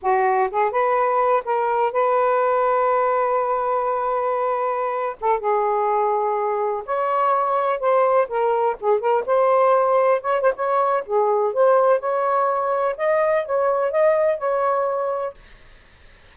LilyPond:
\new Staff \with { instrumentName = "saxophone" } { \time 4/4 \tempo 4 = 125 fis'4 gis'8 b'4. ais'4 | b'1~ | b'2~ b'8. a'8 gis'8.~ | gis'2~ gis'16 cis''4.~ cis''16~ |
cis''16 c''4 ais'4 gis'8 ais'8 c''8.~ | c''4~ c''16 cis''8 c''16 cis''4 gis'4 | c''4 cis''2 dis''4 | cis''4 dis''4 cis''2 | }